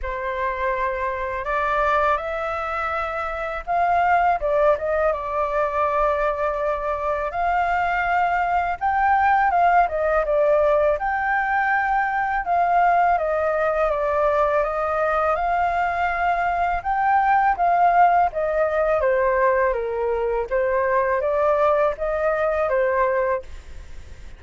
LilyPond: \new Staff \with { instrumentName = "flute" } { \time 4/4 \tempo 4 = 82 c''2 d''4 e''4~ | e''4 f''4 d''8 dis''8 d''4~ | d''2 f''2 | g''4 f''8 dis''8 d''4 g''4~ |
g''4 f''4 dis''4 d''4 | dis''4 f''2 g''4 | f''4 dis''4 c''4 ais'4 | c''4 d''4 dis''4 c''4 | }